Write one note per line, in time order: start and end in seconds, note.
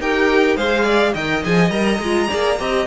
0.00 0.57 D#4
0.00 0.57 G4
0.00 0.57 A#4
0.00 0.57 G5
0.57 1.15 G#3
0.57 1.15 G#4
0.57 0.84 C5
0.57 1.15 F5
0.84 1.13 D5
1.14 1.44 D#3
1.14 1.44 A#4
1.14 2.29 D#5
1.14 1.44 G5
1.44 1.70 F3
1.44 1.72 G#4
1.44 1.71 G#5
1.70 1.99 G3
1.70 2.01 A#4
1.70 2.86 A#5
2.00 2.28 G#3
2.00 2.29 F4
2.29 2.60 A#3
2.29 2.58 G#4
2.29 2.59 D5
2.59 2.87 C4
2.59 2.87 G4
2.59 2.87 D#5